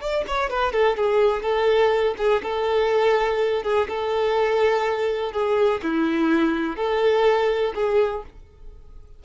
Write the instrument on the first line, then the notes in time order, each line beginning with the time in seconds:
violin
0.00 D5
0.27 C#5
0.50 B4
0.72 A4
0.97 G#4
1.42 A4
2.18 G#4
2.43 A4
3.63 G#4
3.88 A4
5.32 G#4
5.83 E4
6.76 A4
7.75 G#4